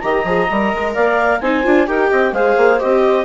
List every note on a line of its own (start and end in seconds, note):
0.00 0.24 D#3
0.00 0.25 G4
0.00 0.94 D#5
0.00 0.93 A#5
0.24 0.47 F3
0.24 0.48 G#4
0.50 0.74 G3
0.50 1.42 A#4
0.74 0.96 G#3
0.94 1.41 A#3
0.94 1.40 D5
0.94 1.41 F5
1.41 1.64 C4
1.41 1.63 D#4
1.41 1.88 C5
1.41 1.87 G#5
1.63 1.88 D4
1.63 1.86 F4
1.86 2.11 D#4
1.86 2.33 G4
1.86 2.10 A#4
1.86 2.34 G5
2.10 2.32 C4
2.10 2.33 D#5
2.32 2.55 G#3
2.32 2.79 G#4
2.32 3.25 C5
2.32 2.79 F5
2.57 2.80 A#3
2.79 3.25 C4
2.79 3.25 G4
2.79 3.25 D#5